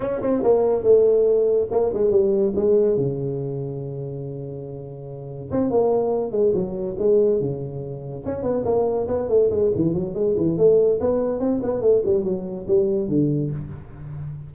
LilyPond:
\new Staff \with { instrumentName = "tuba" } { \time 4/4 \tempo 4 = 142 cis'8 c'8 ais4 a2 | ais8 gis8 g4 gis4 cis4~ | cis1~ | cis4 c'8 ais4. gis8 fis8~ |
fis8 gis4 cis2 cis'8 | b8 ais4 b8 a8 gis8 e8 fis8 | gis8 e8 a4 b4 c'8 b8 | a8 g8 fis4 g4 d4 | }